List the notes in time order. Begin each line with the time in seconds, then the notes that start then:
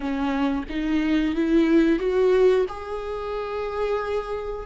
0.00 C#4
0.69 D#4
1.35 E4
1.98 F#4
2.68 G#4